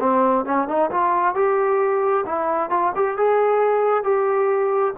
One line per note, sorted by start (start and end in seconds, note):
0.00 0.45 C4
0.45 0.68 C#4
0.68 0.90 D#4
0.91 1.35 F4
1.35 2.25 G4
2.26 2.70 E4
2.70 2.92 F4
2.95 3.17 G4
3.17 4.04 G#4
4.04 4.94 G4